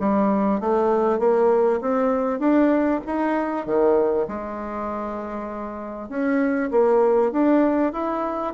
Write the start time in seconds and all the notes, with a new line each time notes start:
0.00 G3
0.60 A3
1.19 A#3
1.81 C4
2.39 D4
3.06 D#4
3.66 D#3
4.28 G#3
6.09 C#4
6.71 A#3
7.32 D4
7.93 E4